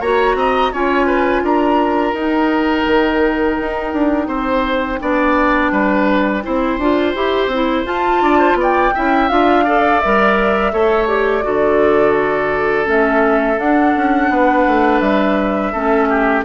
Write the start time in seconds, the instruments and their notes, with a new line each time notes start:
0.00 bassoon A#3, clarinet F#4, oboe C#5, flute A#5
0.35 bassoon C4, oboe D#5
0.72 bassoon C#4, clarinet F4, oboe C#5, flute G#5
1.06 oboe B4
1.43 bassoon D4, oboe A#4, flute A#5
2.13 bassoon D#4, clarinet D#4, flute G5
2.87 bassoon D#3
3.61 bassoon D#4
3.93 bassoon D4
4.28 bassoon C4, oboe C5
5.01 bassoon B3, clarinet D4, oboe D5
5.72 bassoon G3, oboe B4
6.43 bassoon C4, clarinet E4, oboe C5
6.78 bassoon D4, clarinet F4
7.15 bassoon E4, clarinet G4
7.47 bassoon C4
7.54 clarinet E4
7.85 clarinet F4, bassoon F4, flute A5
8.22 bassoon D4, oboe D5
8.38 oboe C5
8.54 bassoon B3
8.60 oboe D5, flute G5
8.94 bassoon C#4, clarinet E4, oboe E5
9.29 bassoon D4, clarinet F4, flute F5
9.65 clarinet A4, oboe D5
10.00 bassoon G3, clarinet A#4, flute E5
10.73 bassoon A3, clarinet A4, oboe C#5
11.08 clarinet G4, flute D5
11.42 bassoon D3, clarinet F#4, oboe A4
12.85 bassoon A3, clarinet C#4, flute E5
13.58 bassoon D4, clarinet D4, flute F#5
13.96 bassoon C#4
14.29 bassoon B3, oboe B4
14.67 bassoon A3
15.00 bassoon G3, flute E5
15.72 bassoon A3, clarinet C#4, oboe A4
16.09 oboe G4